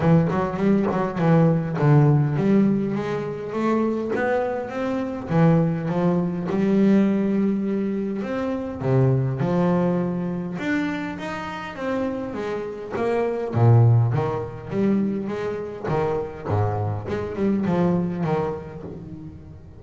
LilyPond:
\new Staff \with { instrumentName = "double bass" } { \time 4/4 \tempo 4 = 102 e8 fis8 g8 fis8 e4 d4 | g4 gis4 a4 b4 | c'4 e4 f4 g4~ | g2 c'4 c4 |
f2 d'4 dis'4 | c'4 gis4 ais4 ais,4 | dis4 g4 gis4 dis4 | gis,4 gis8 g8 f4 dis4 | }